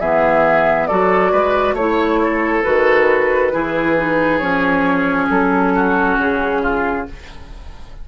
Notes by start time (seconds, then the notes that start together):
0.00 E3 B3 G#4 E5
0.87 F#3 F#4 A4 D5
1.32 G#3 B4
1.73 A3 E4 C#5
2.24 A4
2.64 D#3 F#4 B4
3.52 E3 E4 G#4
3.98 D#4
4.39 F3 C#4 C#5
5.30 F#3 A4
5.75 F#4
6.18 C#3 G#4
6.62 F4